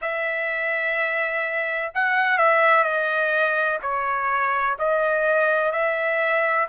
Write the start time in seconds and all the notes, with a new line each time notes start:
0.01 E5
1.94 F#5
2.38 E5
2.83 D#5
3.81 C#5
4.78 D#5
5.71 E5